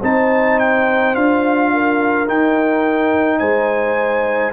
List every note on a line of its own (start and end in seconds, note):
0.00 1.15 C4
0.00 1.14 D#4
0.00 1.70 C5
0.00 0.59 A5
0.59 1.15 G5
1.14 2.28 D4
1.14 2.27 F4
1.14 2.28 F5
1.73 3.39 A#4
2.27 4.52 D#4
2.27 3.40 D#4
2.27 3.38 G5
3.38 4.52 G#3
3.38 4.52 C5
3.38 4.52 G#5